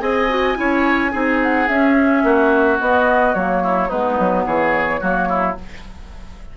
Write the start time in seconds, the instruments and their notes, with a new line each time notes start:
0.00 bassoon C4, clarinet G#4, oboe D#5, flute G#5
0.29 clarinet F#4
0.55 bassoon C#4, clarinet E4, oboe C#5
1.11 bassoon C4, clarinet D#4, oboe G#4
1.43 flute F#5
1.68 bassoon C#4, clarinet C#4, flute E5
2.23 bassoon A#3, oboe F#4
2.80 clarinet B3, bassoon B3, flute D#5
3.35 bassoon F#3, clarinet A#3, flute C#5
3.63 oboe E4
3.88 bassoon G#3, clarinet B3, oboe D#4, flute B4
4.19 bassoon F#3
4.46 bassoon E3, oboe G#4, flute C#5
5.00 bassoon F#3, clarinet A#3, oboe F#4
5.29 oboe E4